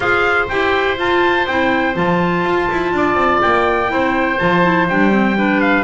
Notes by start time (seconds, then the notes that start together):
0.00 F4 G#4 C5 F5
0.48 E4 G4 G5
0.97 F4 A5
1.47 C4 E4 G5
1.94 F3 F4 A5
2.44 F4
2.71 E4
2.93 D4 D5
3.14 C4
3.41 A#3 G5
3.87 C4 E4 C5
4.39 F3 F4 A5
4.62 E4
4.88 G3 D4 G5
5.11 C4
5.36 D4 B4
5.61 F5